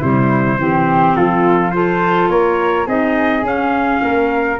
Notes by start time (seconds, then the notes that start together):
0.00 C3 G3 E4 C5
0.58 E3 C4 G4
1.15 F3 F4 A4
1.71 F4 A4 C5
2.28 A#3 A#4 C#5
2.86 C4 D#4 G#4 D#5
3.42 C#4 F5
4.01 A#3 A#4